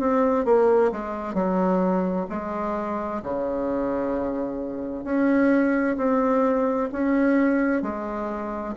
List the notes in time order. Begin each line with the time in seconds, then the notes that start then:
0.00 C4
0.45 A#3
0.92 G#3
1.34 F#3
2.30 G#3
3.23 C#3
5.04 C#4
5.97 C4
6.92 C#4
7.83 G#3